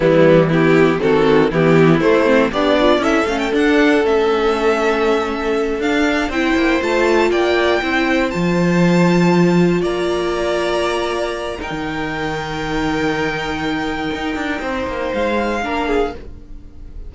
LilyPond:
<<
  \new Staff \with { instrumentName = "violin" } { \time 4/4 \tempo 4 = 119 e'4 g'4 a'4 g'4 | c''4 d''4 e''8 f''16 g''16 fis''4 | e''2.~ e''8 f''8~ | f''8 g''4 a''4 g''4.~ |
g''8 a''2. ais''8~ | ais''2. g''4~ | g''1~ | g''2 f''2 | }
  \new Staff \with { instrumentName = "violin" } { \time 4/4 b4 e'4 fis'4 e'4~ | e'4 d'4 a'2~ | a'1~ | a'8 c''2 d''4 c''8~ |
c''2.~ c''8 d''8~ | d''2. ais'4~ | ais'1~ | ais'4 c''2 ais'8 gis'8 | }
  \new Staff \with { instrumentName = "viola" } { \time 4/4 g4 b4 c'4 b4 | a8 c'8 g'8 f'8 e'8 cis'8 d'4 | cis'2.~ cis'8 d'8~ | d'8 e'4 f'2 e'8~ |
e'8 f'2.~ f'8~ | f'2. dis'4~ | dis'1~ | dis'2. d'4 | }
  \new Staff \with { instrumentName = "cello" } { \time 4/4 e2 dis4 e4 | a4 b4 cis'8 a8 d'4 | a2.~ a8 d'8~ | d'8 c'8 ais8 a4 ais4 c'8~ |
c'8 f2. ais8~ | ais2. dis'16 dis8.~ | dis1 | dis'8 d'8 c'8 ais8 gis4 ais4 | }
>>